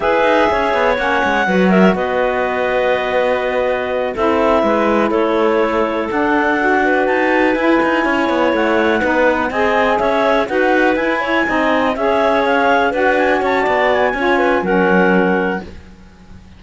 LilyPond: <<
  \new Staff \with { instrumentName = "clarinet" } { \time 4/4 \tempo 4 = 123 e''2 fis''4. e''8 | dis''1~ | dis''8 e''2 cis''4.~ | cis''8 fis''2 a''4 gis''8~ |
gis''4. fis''2 gis''8~ | gis''8 e''4 fis''4 gis''4.~ | gis''8 e''4 f''4 fis''8 gis''8 a''8~ | a''8 gis''4. fis''2 | }
  \new Staff \with { instrumentName = "clarinet" } { \time 4/4 b'4 cis''2 b'8 ais'8 | b'1~ | b'8 a'4 b'4 a'4.~ | a'2 b'2~ |
b'8 cis''2 b'4 dis''8~ | dis''8 cis''4 b'4. cis''8 dis''8~ | dis''8 cis''2 b'4 cis''8 | d''4 cis''8 b'8 ais'2 | }
  \new Staff \with { instrumentName = "saxophone" } { \time 4/4 gis'2 cis'4 fis'4~ | fis'1~ | fis'8 e'2.~ e'8~ | e'8 d'4 fis'2 e'8~ |
e'2~ e'8 dis'4 gis'8~ | gis'4. fis'4 e'4 dis'8~ | dis'8 gis'2 fis'4.~ | fis'4 f'4 cis'2 | }
  \new Staff \with { instrumentName = "cello" } { \time 4/4 e'8 dis'8 cis'8 b8 ais8 gis8 fis4 | b1~ | b8 c'4 gis4 a4.~ | a8 d'2 dis'4 e'8 |
dis'8 cis'8 b8 a4 b4 c'8~ | c'8 cis'4 dis'4 e'4 c'8~ | c'8 cis'2 d'4 cis'8 | b4 cis'4 fis2 | }
>>